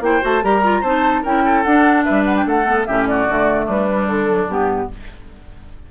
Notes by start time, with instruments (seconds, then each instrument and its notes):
0.00 bassoon A#3, clarinet E4, oboe C5, flute G5
0.21 bassoon A3, clarinet F#4, flute A5
0.42 bassoon G3, clarinet G4, oboe A#4, flute A#5
0.62 clarinet F4
0.80 bassoon C4, clarinet D#4, oboe C5, flute A5
1.22 bassoon C#4, clarinet E4, oboe A#4, flute G5
1.45 oboe A4
1.63 bassoon D4, clarinet D4, flute F#5
2.04 bassoon G3, oboe B4, flute E5
2.24 flute F#5
2.36 flute G5
2.45 bassoon A3, oboe A4, flute F#5
2.65 clarinet B3
2.85 bassoon A2, clarinet C#4, oboe G4, flute E5
3.06 oboe F#4, flute D5
3.28 bassoon D3, clarinet A3
3.65 bassoon G3, oboe D4, flute B4
3.89 clarinet G3
4.07 bassoon D3, flute A4
4.27 clarinet F#3
4.46 bassoon G2, clarinet B3, flute G4